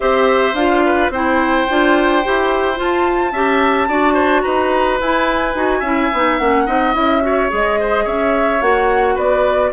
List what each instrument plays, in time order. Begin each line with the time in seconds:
0.00 bassoon C4, clarinet G4, oboe C5, flute E5
0.53 bassoon D4, clarinet F4, flute F5
0.85 oboe B4
1.09 bassoon C4, clarinet E4, oboe C5, flute G5
1.69 bassoon D4, clarinet F4
2.23 bassoon E4, clarinet G4
2.75 clarinet F4, bassoon F4, flute A5
3.32 bassoon C#4, clarinet G4, oboe E5
3.88 bassoon D4, clarinet F#4, oboe D5
4.13 oboe C5
4.41 bassoon D#4, oboe B4, flute A#5
5.00 bassoon E4, clarinet E4, flute G#5
5.55 bassoon D#4, clarinet F#4
5.79 bassoon C#4, clarinet E4, oboe E5
6.12 bassoon B3, clarinet D#4
6.37 bassoon A#3, clarinet C#4, flute F#5
6.66 bassoon C4, clarinet D#4, oboe D#5
6.93 bassoon C#4, clarinet E4, flute E5
7.21 clarinet F#4, oboe C#5
7.49 bassoon G#3, clarinet G#4, flute D#5
7.80 oboe C5
8.04 bassoon C#4, oboe C#5, flute E5
8.61 bassoon A#3, clarinet F#4, flute F#5
9.14 bassoon B3, oboe B4, flute D5